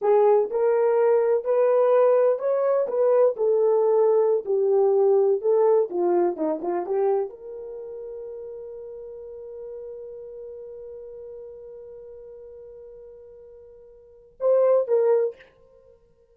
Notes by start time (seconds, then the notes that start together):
0.01 G#4
0.50 A#4
1.44 B4
2.39 C#5
2.87 B4
3.36 A4
4.45 G4
5.41 A4
5.89 F4
6.36 D#4
6.62 F4
6.85 G4
7.29 A#4
14.40 C5
14.87 A#4